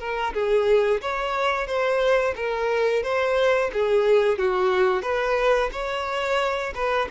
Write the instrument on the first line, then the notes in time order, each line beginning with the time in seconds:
violin
0.00 A#4
0.34 G#4
1.02 C#5
1.67 C5
2.36 A#4
3.04 C5
3.74 G#4
4.39 F#4
5.03 B4
5.73 C#5
6.75 B4